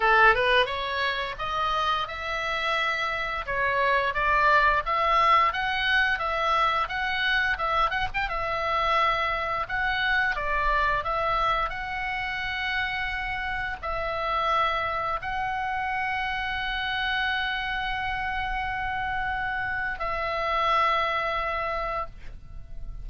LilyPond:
\new Staff \with { instrumentName = "oboe" } { \time 4/4 \tempo 4 = 87 a'8 b'8 cis''4 dis''4 e''4~ | e''4 cis''4 d''4 e''4 | fis''4 e''4 fis''4 e''8 fis''16 g''16 | e''2 fis''4 d''4 |
e''4 fis''2. | e''2 fis''2~ | fis''1~ | fis''4 e''2. | }